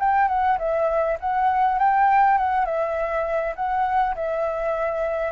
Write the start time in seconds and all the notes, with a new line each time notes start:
0.00 G5
0.29 F#5
0.59 E5
1.21 F#5
1.79 G5
2.38 F#5
2.66 E5
3.56 F#5
4.16 E5